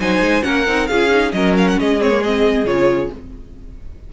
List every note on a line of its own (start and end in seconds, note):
0.00 0.21 F#3
0.00 0.43 D#4
0.00 0.45 C5
0.00 0.43 G#5
0.21 0.43 G#3
0.43 0.67 A#3
0.43 0.65 C#4
0.43 0.89 A#4
0.43 0.87 F#5
0.67 0.90 C4
0.67 0.89 D#4
0.87 1.33 C#4
0.87 1.10 F4
0.87 1.34 G#4
0.87 1.31 F5
1.10 1.32 D#4
1.32 1.77 F#3
1.32 2.00 C#4
1.32 1.80 A#4
1.32 1.54 D#5
1.58 1.68 F5
1.68 1.79 F#5
1.80 2.65 G#3
1.80 3.13 G#4
1.80 2.02 D#5
2.00 2.11 C4
2.00 2.23 C#5
2.11 2.22 A#3
2.23 2.66 C4
2.23 2.66 D#5
2.65 3.10 C#3
2.65 3.11 F4
2.65 3.11 C#5